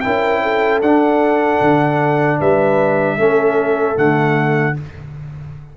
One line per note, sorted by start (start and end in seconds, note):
0.00 0.82 E4
0.00 0.42 A#4
0.00 0.79 G5
0.06 0.81 C#4
0.42 2.39 A4
0.81 1.60 D4
0.81 3.18 D4
0.81 2.40 F#5
1.61 2.39 D3
2.39 3.17 G3
2.39 3.18 B4
2.39 3.97 E5
3.17 3.96 A3
3.17 3.95 C#4
3.17 4.75 A4
3.95 4.76 D3
3.95 4.74 A3
3.95 4.76 F#5